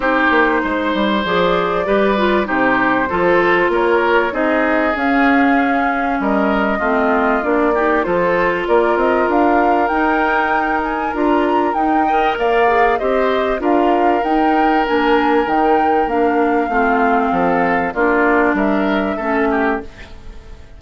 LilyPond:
<<
  \new Staff \with { instrumentName = "flute" } { \time 4/4 \tempo 4 = 97 c''2 d''2 | c''2 cis''4 dis''4 | f''2 dis''2 | d''4 c''4 d''8 dis''8 f''4 |
g''4. gis''8 ais''4 g''4 | f''4 dis''4 f''4 g''4 | gis''4 g''4 f''2~ | f''4 d''4 e''2 | }
  \new Staff \with { instrumentName = "oboe" } { \time 4/4 g'4 c''2 b'4 | g'4 a'4 ais'4 gis'4~ | gis'2 ais'4 f'4~ | f'8 g'8 a'4 ais'2~ |
ais'2.~ ais'8 dis''8 | d''4 c''4 ais'2~ | ais'2. f'4 | a'4 f'4 ais'4 a'8 g'8 | }
  \new Staff \with { instrumentName = "clarinet" } { \time 4/4 dis'2 gis'4 g'8 f'8 | dis'4 f'2 dis'4 | cis'2. c'4 | d'8 dis'8 f'2. |
dis'2 f'4 dis'8 ais'8~ | ais'8 gis'8 g'4 f'4 dis'4 | d'4 dis'4 d'4 c'4~ | c'4 d'2 cis'4 | }
  \new Staff \with { instrumentName = "bassoon" } { \time 4/4 c'8 ais8 gis8 g8 f4 g4 | c4 f4 ais4 c'4 | cis'2 g4 a4 | ais4 f4 ais8 c'8 d'4 |
dis'2 d'4 dis'4 | ais4 c'4 d'4 dis'4 | ais4 dis4 ais4 a4 | f4 ais4 g4 a4 | }
>>